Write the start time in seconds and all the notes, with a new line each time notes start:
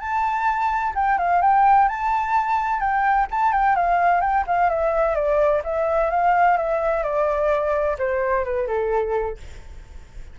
0.00 A5
0.95 G5
1.18 F5
1.42 G5
1.88 A5
2.80 G5
3.31 A5
3.52 G5
3.75 F5
4.21 G5
4.47 F5
4.70 E5
5.15 D5
5.64 E5
6.10 F5
6.57 E5
7.03 D5
7.98 C5
8.44 B4
8.67 A4